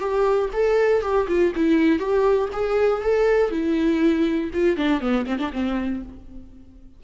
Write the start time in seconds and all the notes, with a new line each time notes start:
0.00 G4
0.53 A4
1.02 G4
1.28 F4
1.55 E4
1.99 G4
2.53 G#4
3.02 A4
3.51 E4
4.53 F4
4.77 D4
5.01 B3
5.26 C4
5.38 D4
5.52 C4